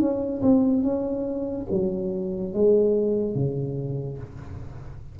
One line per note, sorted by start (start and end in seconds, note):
0.00 0.42 C#4
0.42 0.83 C4
0.83 1.67 C#4
1.71 2.54 F#3
2.54 3.35 G#3
3.35 4.19 C#3